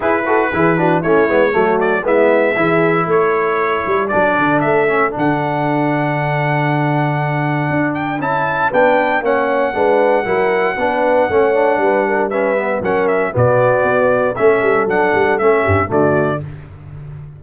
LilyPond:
<<
  \new Staff \with { instrumentName = "trumpet" } { \time 4/4 \tempo 4 = 117 b'2 cis''4. d''8 | e''2 cis''2 | d''4 e''4 fis''2~ | fis''2.~ fis''8 g''8 |
a''4 g''4 fis''2~ | fis''1 | e''4 fis''8 e''8 d''2 | e''4 fis''4 e''4 d''4 | }
  \new Staff \with { instrumentName = "horn" } { \time 4/4 gis'8 a'8 gis'8 fis'8 e'4 fis'4 | e'4 gis'4 a'2~ | a'1~ | a'1~ |
a'4 b'4 cis''4 b'4 | ais'4 b'4 cis''4 b'8 ais'8 | b'4 ais'4 fis'2 | a'2~ a'8 g'8 fis'4 | }
  \new Staff \with { instrumentName = "trombone" } { \time 4/4 e'8 fis'8 e'8 d'8 cis'8 b8 a4 | b4 e'2. | d'4. cis'8 d'2~ | d'1 |
e'4 d'4 cis'4 d'4 | e'4 d'4 cis'8 d'4. | cis'8 b8 cis'4 b2 | cis'4 d'4 cis'4 a4 | }
  \new Staff \with { instrumentName = "tuba" } { \time 4/4 e'4 e4 a8 gis8 fis4 | gis4 e4 a4. g8 | fis8 d8 a4 d2~ | d2. d'4 |
cis'4 b4 ais4 gis4 | fis4 b4 a4 g4~ | g4 fis4 b,4 b4 | a8 g8 fis8 g8 a8 g,8 d4 | }
>>